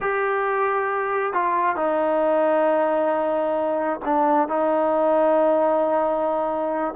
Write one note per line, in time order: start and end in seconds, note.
0.01 1.33 G4
1.33 1.76 F4
1.76 4.00 D#4
4.04 4.48 D4
4.48 6.94 D#4